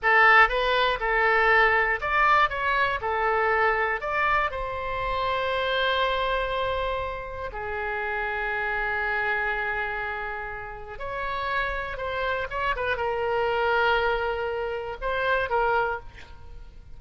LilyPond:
\new Staff \with { instrumentName = "oboe" } { \time 4/4 \tempo 4 = 120 a'4 b'4 a'2 | d''4 cis''4 a'2 | d''4 c''2.~ | c''2. gis'4~ |
gis'1~ | gis'2 cis''2 | c''4 cis''8 b'8 ais'2~ | ais'2 c''4 ais'4 | }